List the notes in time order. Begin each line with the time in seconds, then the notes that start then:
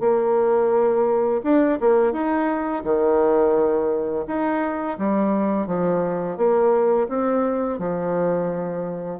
0.00 A#3
1.43 D4
1.80 A#3
2.12 D#4
2.84 D#3
4.27 D#4
4.98 G3
5.67 F3
6.37 A#3
7.08 C4
7.79 F3